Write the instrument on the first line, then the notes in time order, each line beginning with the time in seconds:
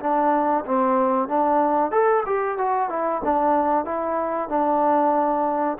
trombone
0.00 D4
0.65 C4
1.28 D4
1.91 A4
2.26 G4
2.58 F#4
2.89 E4
3.24 D4
3.85 E4
4.49 D4